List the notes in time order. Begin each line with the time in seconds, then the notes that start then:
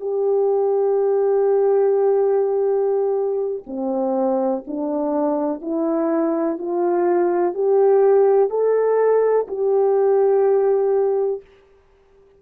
0.00 G4
3.66 C4
4.67 D4
5.61 E4
6.58 F4
7.54 G4
8.49 A4
9.47 G4